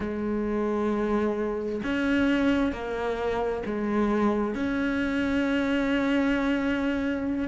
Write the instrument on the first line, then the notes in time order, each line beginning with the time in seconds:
cello
0.00 G#3
1.83 C#4
2.72 A#3
3.65 G#3
4.55 C#4